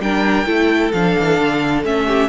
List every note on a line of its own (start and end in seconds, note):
0.00 0.46 G3
0.00 0.46 D4
0.00 0.47 A#4
0.00 0.92 G5
0.46 0.92 A3
0.46 0.92 E4
0.46 2.06 A4
0.92 1.16 F3
0.92 1.84 D4
0.92 1.83 F5
1.19 1.39 E3
1.39 1.83 D3
1.83 2.28 A3
1.83 2.28 C#4
1.83 2.28 E5
2.06 2.28 G4